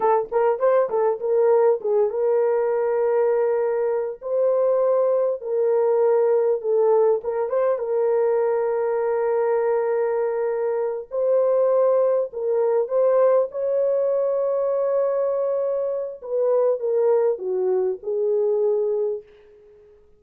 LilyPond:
\new Staff \with { instrumentName = "horn" } { \time 4/4 \tempo 4 = 100 a'8 ais'8 c''8 a'8 ais'4 gis'8 ais'8~ | ais'2. c''4~ | c''4 ais'2 a'4 | ais'8 c''8 ais'2.~ |
ais'2~ ais'8 c''4.~ | c''8 ais'4 c''4 cis''4.~ | cis''2. b'4 | ais'4 fis'4 gis'2 | }